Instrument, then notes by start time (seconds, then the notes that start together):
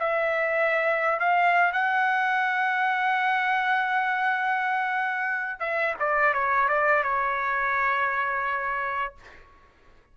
trumpet
0.00 E5
1.20 F5
1.73 F#5
5.60 E5
6.00 D5
6.34 C#5
6.69 D5
7.04 C#5